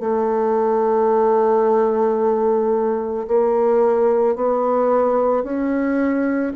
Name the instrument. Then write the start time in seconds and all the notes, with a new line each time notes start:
bassoon
0.00 A3
3.28 A#3
4.36 B3
5.44 C#4